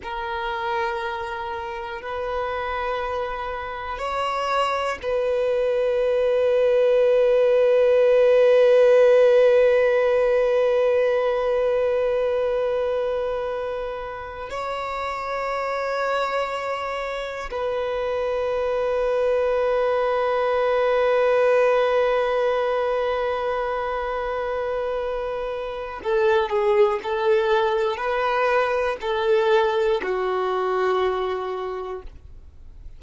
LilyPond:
\new Staff \with { instrumentName = "violin" } { \time 4/4 \tempo 4 = 60 ais'2 b'2 | cis''4 b'2.~ | b'1~ | b'2~ b'8 cis''4.~ |
cis''4. b'2~ b'8~ | b'1~ | b'2 a'8 gis'8 a'4 | b'4 a'4 fis'2 | }